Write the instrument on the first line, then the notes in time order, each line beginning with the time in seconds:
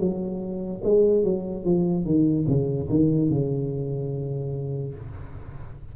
tuba
0.00 F#3
0.84 G#3
1.24 F#3
1.65 F3
2.05 D#3
2.48 C#3
2.90 D#3
3.30 C#3